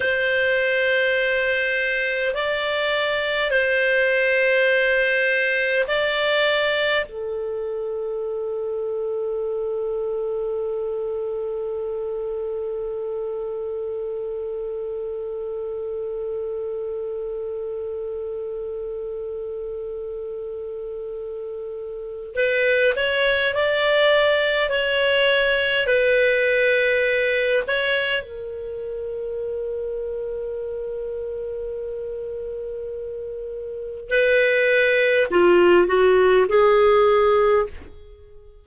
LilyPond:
\new Staff \with { instrumentName = "clarinet" } { \time 4/4 \tempo 4 = 51 c''2 d''4 c''4~ | c''4 d''4 a'2~ | a'1~ | a'1~ |
a'2. b'8 cis''8 | d''4 cis''4 b'4. cis''8 | ais'1~ | ais'4 b'4 f'8 fis'8 gis'4 | }